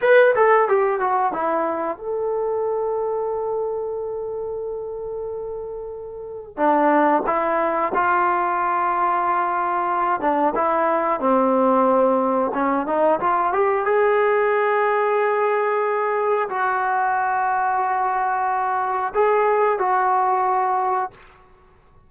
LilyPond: \new Staff \with { instrumentName = "trombone" } { \time 4/4 \tempo 4 = 91 b'8 a'8 g'8 fis'8 e'4 a'4~ | a'1~ | a'2 d'4 e'4 | f'2.~ f'8 d'8 |
e'4 c'2 cis'8 dis'8 | f'8 g'8 gis'2.~ | gis'4 fis'2.~ | fis'4 gis'4 fis'2 | }